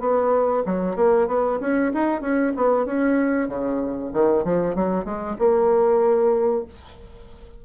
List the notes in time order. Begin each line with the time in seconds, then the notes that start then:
0.00 B3
0.66 F#3
0.96 A#3
1.28 B3
1.60 C#4
1.94 D#4
2.21 C#4
2.56 B3
2.86 C#4
3.49 C#3
4.13 D#3
4.44 F3
4.75 F#3
5.05 G#3
5.39 A#3